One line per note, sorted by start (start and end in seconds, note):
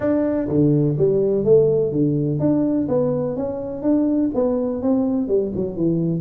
0.00 0.48 D4
0.48 0.96 D3
0.97 1.44 G3
1.44 1.92 A3
1.92 2.39 D3
2.39 2.87 D4
2.88 3.36 B3
3.36 3.82 C#4
3.82 4.30 D4
4.34 4.82 B3
4.82 5.28 C4
5.28 5.52 G3
5.55 5.76 F#3
5.76 6.20 E3